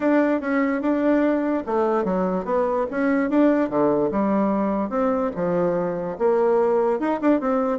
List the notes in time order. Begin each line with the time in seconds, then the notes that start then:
0.00 D4
0.40 C#4
0.81 D4
1.66 A3
2.04 F#3
2.45 B3
2.90 C#4
3.30 D4
3.69 D3
4.11 G3
4.89 C4
5.35 F3
6.18 A#3
6.99 D#4
7.21 D4
7.40 C4